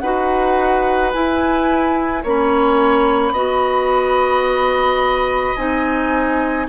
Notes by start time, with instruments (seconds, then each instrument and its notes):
0.00 bassoon D#4, clarinet F#4, oboe B4, flute F#5
1.13 clarinet E4, bassoon E4, flute G#5
2.24 bassoon A#3, clarinet C#4, oboe C#5, flute B5
3.32 bassoon B3, clarinet F#4, oboe D#5
5.56 bassoon C4, clarinet D#4, flute G#5